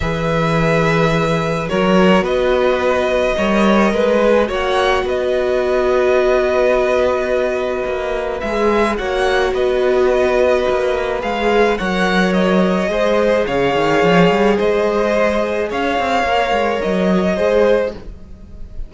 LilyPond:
<<
  \new Staff \with { instrumentName = "violin" } { \time 4/4 \tempo 4 = 107 e''2. cis''4 | dis''1 | fis''4 dis''2.~ | dis''2. e''4 |
fis''4 dis''2. | f''4 fis''4 dis''2 | f''2 dis''2 | f''2 dis''2 | }
  \new Staff \with { instrumentName = "violin" } { \time 4/4 b'2. ais'4 | b'2 cis''4 b'4 | cis''4 b'2.~ | b'1 |
cis''4 b'2.~ | b'4 cis''2 c''4 | cis''2 c''2 | cis''2. c''4 | }
  \new Staff \with { instrumentName = "viola" } { \time 4/4 gis'2. fis'4~ | fis'2 ais'4. gis'8 | fis'1~ | fis'2. gis'4 |
fis'1 | gis'4 ais'2 gis'4~ | gis'1~ | gis'4 ais'2 gis'4 | }
  \new Staff \with { instrumentName = "cello" } { \time 4/4 e2. fis4 | b2 g4 gis4 | ais4 b2.~ | b2 ais4 gis4 |
ais4 b2 ais4 | gis4 fis2 gis4 | cis8 dis8 f8 g8 gis2 | cis'8 c'8 ais8 gis8 fis4 gis4 | }
>>